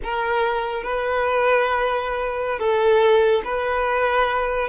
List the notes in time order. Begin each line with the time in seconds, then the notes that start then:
0.03 A#4
0.83 B4
2.59 A4
3.44 B4